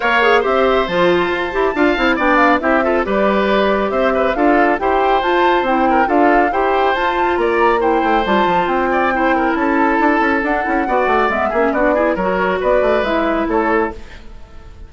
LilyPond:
<<
  \new Staff \with { instrumentName = "flute" } { \time 4/4 \tempo 4 = 138 f''4 e''4 a''2~ | a''4 g''8 f''8 e''4 d''4~ | d''4 e''4 f''4 g''4 | a''4 g''4 f''4 g''4 |
a''4 ais''4 g''4 a''4 | g''2 a''2 | fis''2 e''4 d''4 | cis''4 d''4 e''4 cis''4 | }
  \new Staff \with { instrumentName = "oboe" } { \time 4/4 cis''4 c''2. | f''4 d''4 g'8 a'8 b'4~ | b'4 c''8 b'8 a'4 c''4~ | c''4. ais'8 a'4 c''4~ |
c''4 d''4 c''2~ | c''8 d''8 c''8 ais'8 a'2~ | a'4 d''4. gis'8 fis'8 gis'8 | ais'4 b'2 a'4 | }
  \new Staff \with { instrumentName = "clarinet" } { \time 4/4 ais'8 gis'8 g'4 f'4. g'8 | f'8 e'8 d'4 e'8 f'8 g'4~ | g'2 f'4 g'4 | f'4 e'4 f'4 g'4 |
f'2 e'4 f'4~ | f'4 e'2. | d'8 e'8 fis'4 b8 cis'8 d'8 e'8 | fis'2 e'2 | }
  \new Staff \with { instrumentName = "bassoon" } { \time 4/4 ais4 c'4 f4 f'8 e'8 | d'8 c'8 b4 c'4 g4~ | g4 c'4 d'4 e'4 | f'4 c'4 d'4 e'4 |
f'4 ais4. a8 g8 f8 | c'2 cis'4 d'8 cis'8 | d'8 cis'8 b8 a8 gis8 ais8 b4 | fis4 b8 a8 gis4 a4 | }
>>